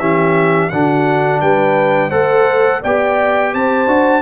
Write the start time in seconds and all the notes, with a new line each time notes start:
0.00 E3 C#4 G4 E5
0.70 D3 D4 F#4 F#5
1.41 G3 B4 G5
2.10 A3 A4 C5 F#5
2.82 B3 G4 D5 G5
3.54 C4 C5 A5
3.87 D4 F#4